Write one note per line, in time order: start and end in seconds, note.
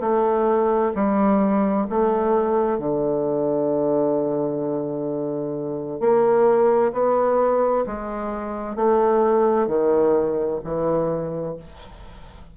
0.00 0.92 A3
0.95 1.87 G3
1.90 2.79 A3
2.79 6.00 D3
6.00 6.92 A#3
6.92 7.85 B3
7.86 8.76 G#3
8.76 9.68 A3
9.68 10.60 D#3
10.64 11.56 E3